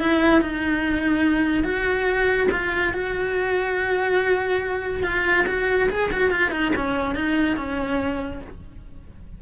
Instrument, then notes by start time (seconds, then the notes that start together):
cello
0.00 E4
0.42 D#4
1.64 F#4
2.52 F4
2.94 F#4
5.04 F4
5.47 F#4
5.90 G#4
6.12 F#4
6.31 F4
6.52 D#4
6.76 C#4
7.15 D#4
7.57 C#4